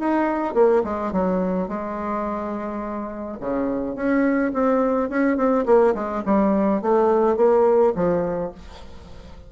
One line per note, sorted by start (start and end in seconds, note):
0.00 0.55 D#4
0.55 0.83 A#3
0.84 1.12 G#3
1.12 1.68 F#3
1.68 3.38 G#3
3.40 3.96 C#3
3.96 4.52 C#4
4.54 5.09 C4
5.09 5.37 C#4
5.37 5.66 C4
5.66 5.94 A#3
5.95 6.23 G#3
6.25 6.82 G3
6.82 7.37 A3
7.37 7.94 A#3
7.96 8.52 F3